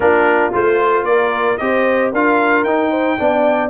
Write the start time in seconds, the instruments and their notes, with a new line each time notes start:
0.00 tuba A#3, trombone D4, horn F4, trumpet A#4
0.52 tuba A3, trombone F4, trumpet C5
1.03 tuba A#3, horn A#4, trumpet D5
1.57 tuba C4, trombone G4, horn C5, trumpet D#5
2.12 tuba D4, trombone F4, horn A#4, trumpet F5
2.63 tuba D#4, trombone D#4, trumpet G5
2.90 horn C5
3.18 tuba B3, trombone D4, horn D5